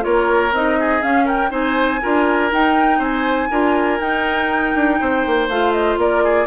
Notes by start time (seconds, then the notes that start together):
0.00 A#3 F4 A#4 C#5
0.52 C4 D#4 D#5
0.79 G#4
1.02 C#4 F5
1.25 A#4 G5
1.50 C4 D#4 C5 G#5
2.02 D4 F4 A#4
2.51 D#4 G5
2.98 C4 C5 G#5
3.50 D4 F4 A#4
3.99 D#4 G5
4.74 D4
5.00 C4 C5
5.26 A#3
5.48 A3 F4 F5
5.72 D#5
5.96 A#3 A#4 D5
6.23 G#4